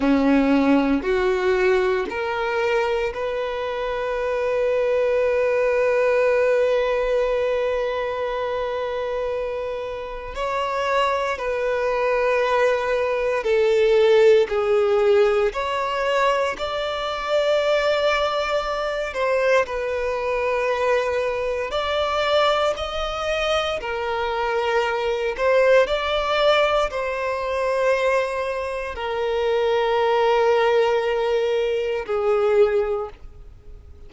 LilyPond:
\new Staff \with { instrumentName = "violin" } { \time 4/4 \tempo 4 = 58 cis'4 fis'4 ais'4 b'4~ | b'1~ | b'2 cis''4 b'4~ | b'4 a'4 gis'4 cis''4 |
d''2~ d''8 c''8 b'4~ | b'4 d''4 dis''4 ais'4~ | ais'8 c''8 d''4 c''2 | ais'2. gis'4 | }